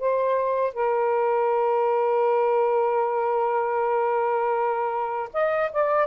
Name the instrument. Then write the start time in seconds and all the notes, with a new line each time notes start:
saxophone
0.00 C5
0.74 A#4
5.34 D#5
5.72 D5